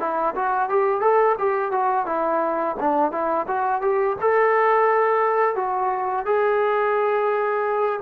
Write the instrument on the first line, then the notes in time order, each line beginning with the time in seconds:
trombone
0.00 E4
0.36 F#4
0.69 G4
1.01 A4
1.39 G4
1.72 F#4
2.06 E4
2.80 D4
3.12 E4
3.48 F#4
3.82 G4
4.21 A4
5.56 F#4
6.26 G#4